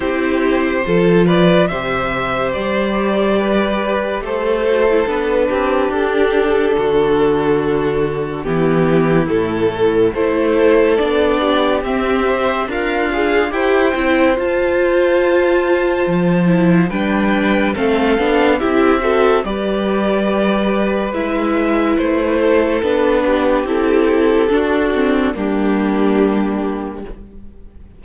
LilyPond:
<<
  \new Staff \with { instrumentName = "violin" } { \time 4/4 \tempo 4 = 71 c''4. d''8 e''4 d''4~ | d''4 c''4 b'4 a'4~ | a'2 g'4 a'4 | c''4 d''4 e''4 f''4 |
g''4 a''2. | g''4 f''4 e''4 d''4~ | d''4 e''4 c''4 b'4 | a'2 g'2 | }
  \new Staff \with { instrumentName = "violin" } { \time 4/4 g'4 a'8 b'8 c''2 | b'4 a'4. g'4. | fis'2 e'2 | a'4. g'4. f'4 |
c''1 | b'4 a'4 g'8 a'8 b'4~ | b'2~ b'8 a'4 g'8~ | g'4 fis'4 d'2 | }
  \new Staff \with { instrumentName = "viola" } { \time 4/4 e'4 f'4 g'2~ | g'4. fis'16 e'16 d'2~ | d'2 b4 a4 | e'4 d'4 c'8 c''8 ais'8 gis'8 |
g'8 e'8 f'2~ f'8 e'8 | d'4 c'8 d'8 e'8 fis'8 g'4~ | g'4 e'2 d'4 | e'4 d'8 c'8 ais2 | }
  \new Staff \with { instrumentName = "cello" } { \time 4/4 c'4 f4 c4 g4~ | g4 a4 b8 c'8 d'4 | d2 e4 a,4 | a4 b4 c'4 d'4 |
e'8 c'8 f'2 f4 | g4 a8 b8 c'4 g4~ | g4 gis4 a4 b4 | c'4 d'4 g2 | }
>>